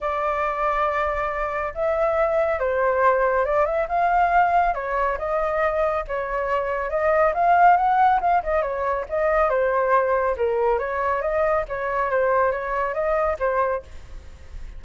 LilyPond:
\new Staff \with { instrumentName = "flute" } { \time 4/4 \tempo 4 = 139 d''1 | e''2 c''2 | d''8 e''8 f''2 cis''4 | dis''2 cis''2 |
dis''4 f''4 fis''4 f''8 dis''8 | cis''4 dis''4 c''2 | ais'4 cis''4 dis''4 cis''4 | c''4 cis''4 dis''4 c''4 | }